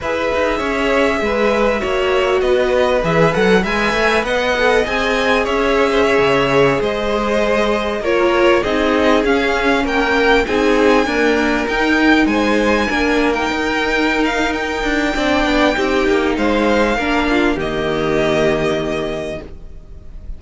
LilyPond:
<<
  \new Staff \with { instrumentName = "violin" } { \time 4/4 \tempo 4 = 99 e''1 | dis''4 e''8 fis''8 gis''4 fis''4 | gis''4 e''2~ e''16 dis''8.~ | dis''4~ dis''16 cis''4 dis''4 f''8.~ |
f''16 g''4 gis''2 g''8.~ | g''16 gis''4.~ gis''16 g''4. f''8 | g''2. f''4~ | f''4 dis''2. | }
  \new Staff \with { instrumentName = "violin" } { \time 4/4 b'4 cis''4 b'4 cis''4 | b'2 e''4 dis''4~ | dis''4 cis''8. c''16 cis''4~ cis''16 c''8.~ | c''4~ c''16 ais'4 gis'4.~ gis'16~ |
gis'16 ais'4 gis'4 ais'4.~ ais'16~ | ais'16 c''4 ais'2~ ais'8.~ | ais'4 d''4 g'4 c''4 | ais'8 f'8 g'2. | }
  \new Staff \with { instrumentName = "viola" } { \time 4/4 gis'2. fis'4~ | fis'4 gis'8 a'8 b'4. a'8 | gis'1~ | gis'4~ gis'16 f'4 dis'4 cis'8.~ |
cis'4~ cis'16 dis'4 ais4 dis'8.~ | dis'4~ dis'16 d'8. dis'2~ | dis'4 d'4 dis'2 | d'4 ais2. | }
  \new Staff \with { instrumentName = "cello" } { \time 4/4 e'8 dis'8 cis'4 gis4 ais4 | b4 e8 fis8 gis8 a8 b4 | c'4 cis'4~ cis'16 cis4 gis8.~ | gis4~ gis16 ais4 c'4 cis'8.~ |
cis'16 ais4 c'4 d'4 dis'8.~ | dis'16 gis4 ais4 dis'4.~ dis'16~ | dis'8 d'8 c'8 b8 c'8 ais8 gis4 | ais4 dis2. | }
>>